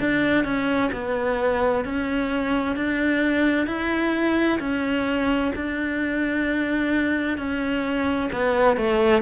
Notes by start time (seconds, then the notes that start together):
0.00 D4
0.44 C#4
0.92 B3
1.85 C#4
2.76 D4
3.67 E4
4.59 C#4
5.56 D4
7.38 C#4
8.32 B3
8.77 A3